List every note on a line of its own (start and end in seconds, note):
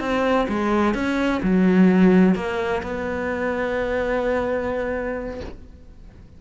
0.00 0.47 C4
0.49 0.94 G#3
0.94 1.41 C#4
1.43 2.35 F#3
2.35 2.82 A#3
2.83 5.40 B3